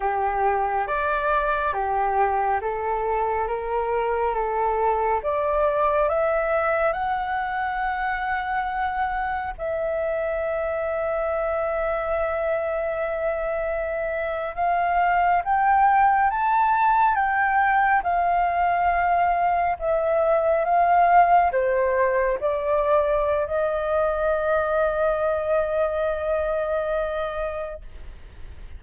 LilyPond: \new Staff \with { instrumentName = "flute" } { \time 4/4 \tempo 4 = 69 g'4 d''4 g'4 a'4 | ais'4 a'4 d''4 e''4 | fis''2. e''4~ | e''1~ |
e''8. f''4 g''4 a''4 g''16~ | g''8. f''2 e''4 f''16~ | f''8. c''4 d''4~ d''16 dis''4~ | dis''1 | }